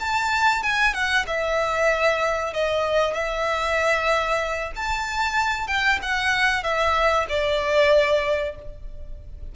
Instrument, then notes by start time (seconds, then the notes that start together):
violin
0.00 A5
0.63 G#5
0.94 F#5
1.27 E5
2.53 D#5
3.14 E5
4.76 A5
5.68 G5
6.02 F#5
6.63 E5
7.29 D5